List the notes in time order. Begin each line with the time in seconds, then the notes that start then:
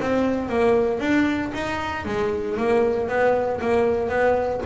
0.00 C4
0.48 A#3
0.99 D4
1.54 D#4
2.05 G#3
2.57 A#3
3.08 B3
3.61 A#3
4.09 B3